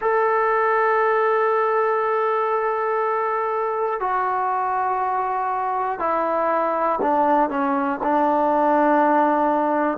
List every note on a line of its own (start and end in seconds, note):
0.00 4.00 A4
4.00 5.99 F#4
5.99 6.99 E4
7.01 7.49 D4
7.49 7.99 C#4
8.03 9.97 D4